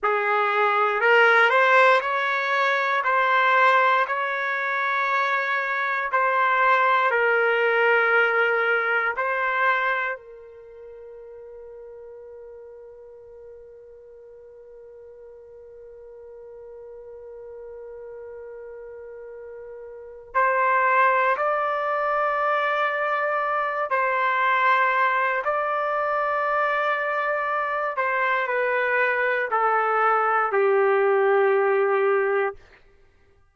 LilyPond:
\new Staff \with { instrumentName = "trumpet" } { \time 4/4 \tempo 4 = 59 gis'4 ais'8 c''8 cis''4 c''4 | cis''2 c''4 ais'4~ | ais'4 c''4 ais'2~ | ais'1~ |
ais'1 | c''4 d''2~ d''8 c''8~ | c''4 d''2~ d''8 c''8 | b'4 a'4 g'2 | }